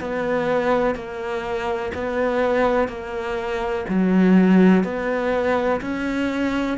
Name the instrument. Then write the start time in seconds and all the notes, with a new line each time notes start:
cello
0.00 B3
0.95 A#3
1.94 B3
2.88 A#3
3.88 F#3
4.84 B3
5.81 C#4